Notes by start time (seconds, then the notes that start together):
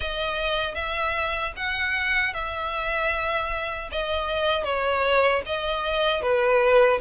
0.00 D#5
0.74 E5
1.56 F#5
2.33 E5
3.91 D#5
4.64 C#5
5.45 D#5
6.21 B4